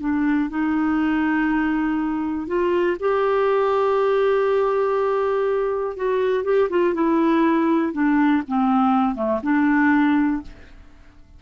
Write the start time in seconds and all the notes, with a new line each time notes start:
0.00 D4
0.50 D#4
2.47 F4
3.00 G4
5.96 F#4
6.44 G4
6.70 F4
6.94 E4
7.93 D4
8.48 C4
9.15 A3
9.43 D4